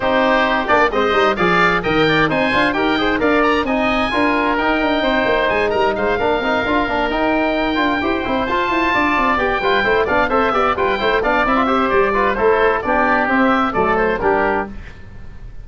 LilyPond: <<
  \new Staff \with { instrumentName = "oboe" } { \time 4/4 \tempo 4 = 131 c''4. d''8 dis''4 f''4 | g''4 gis''4 g''4 f''8 ais''8 | gis''2 g''2 | gis''8 ais''8 f''2~ f''8 g''8~ |
g''2~ g''8 a''4.~ | a''8 g''4. f''8 e''4 g''8~ | g''8 f''8 e''4 d''4 c''4 | d''4 e''4 d''8 c''8 ais'4 | }
  \new Staff \with { instrumentName = "oboe" } { \time 4/4 g'2 c''4 d''4 | dis''8 d''8 c''4 ais'8 c''8 d''4 | dis''4 ais'2 c''4~ | c''8 ais'8 c''8 ais'2~ ais'8~ |
ais'4. c''2 d''8~ | d''4 b'8 c''8 d''8 c''8 d''8 b'8 | c''8 d''4 c''4 b'8 a'4 | g'2 a'4 g'4 | }
  \new Staff \with { instrumentName = "trombone" } { \time 4/4 dis'4. d'8 c'8 dis'8 gis'4 | ais'4 dis'8 f'8 g'8 gis'8 ais'4 | dis'4 f'4 dis'2~ | dis'4. d'8 dis'8 f'8 d'8 dis'8~ |
dis'4 f'8 g'8 e'8 f'4.~ | f'8 g'8 f'8 e'8 d'8 a'8 g'8 f'8 | e'8 d'8 e'16 f'16 g'4 f'8 e'4 | d'4 c'4 a4 d'4 | }
  \new Staff \with { instrumentName = "tuba" } { \time 4/4 c'4. ais8 gis8 g8 f4 | dis4 c'8 d'8 dis'4 d'4 | c'4 d'4 dis'8 d'8 c'8 ais8 | gis8 g8 gis8 ais8 c'8 d'8 ais8 dis'8~ |
dis'4 d'8 e'8 c'8 f'8 e'8 d'8 | c'8 b8 g8 a8 b8 c'8 b8 g8 | a8 b8 c'4 g4 a4 | b4 c'4 fis4 g4 | }
>>